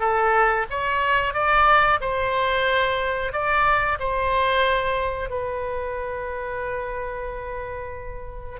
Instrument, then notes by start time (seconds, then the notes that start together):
oboe
0.00 A4
0.70 C#5
1.34 D5
2.01 C5
3.32 D5
4.00 C5
5.30 B4